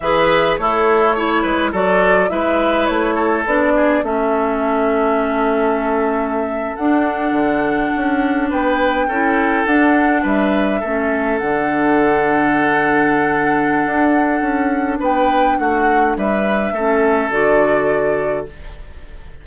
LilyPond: <<
  \new Staff \with { instrumentName = "flute" } { \time 4/4 \tempo 4 = 104 e''4 cis''2 d''4 | e''4 cis''4 d''4 e''4~ | e''2.~ e''8. fis''16~ | fis''2~ fis''8. g''4~ g''16~ |
g''8. fis''4 e''2 fis''16~ | fis''1~ | fis''2 g''4 fis''4 | e''2 d''2 | }
  \new Staff \with { instrumentName = "oboe" } { \time 4/4 b'4 e'4 cis''8 b'8 a'4 | b'4. a'4 gis'8 a'4~ | a'1~ | a'2~ a'8. b'4 a'16~ |
a'4.~ a'16 b'4 a'4~ a'16~ | a'1~ | a'2 b'4 fis'4 | b'4 a'2. | }
  \new Staff \with { instrumentName = "clarinet" } { \time 4/4 gis'4 a'4 e'4 fis'4 | e'2 d'4 cis'4~ | cis'2.~ cis'8. d'16~ | d'2.~ d'8. e'16~ |
e'8. d'2 cis'4 d'16~ | d'1~ | d'1~ | d'4 cis'4 fis'2 | }
  \new Staff \with { instrumentName = "bassoon" } { \time 4/4 e4 a4. gis8 fis4 | gis4 a4 b4 a4~ | a2.~ a8. d'16~ | d'8. d4 cis'4 b4 cis'16~ |
cis'8. d'4 g4 a4 d16~ | d1 | d'4 cis'4 b4 a4 | g4 a4 d2 | }
>>